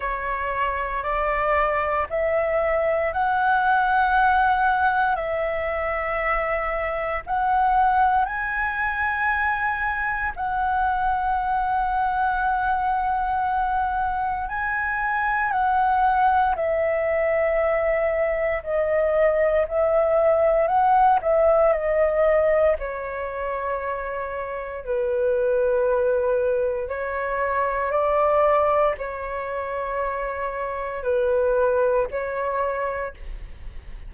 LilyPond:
\new Staff \with { instrumentName = "flute" } { \time 4/4 \tempo 4 = 58 cis''4 d''4 e''4 fis''4~ | fis''4 e''2 fis''4 | gis''2 fis''2~ | fis''2 gis''4 fis''4 |
e''2 dis''4 e''4 | fis''8 e''8 dis''4 cis''2 | b'2 cis''4 d''4 | cis''2 b'4 cis''4 | }